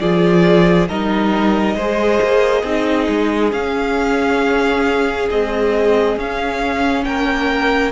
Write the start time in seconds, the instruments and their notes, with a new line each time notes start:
0.00 cello F3, viola F4, violin G#4 D5
0.89 cello G3, viola D#4, violin A#4 D#5
1.75 cello G#3, viola G#4, violin C5
2.23 cello A#3
2.63 cello C4, viola D#4, violin G#4
3.09 cello G#3
3.52 viola C#4, cello C#4, violin F5
5.31 viola G#3, cello C4, violin D#5
6.17 cello C#4, viola C#4, violin F5
7.05 cello A#3, violin A#4 G5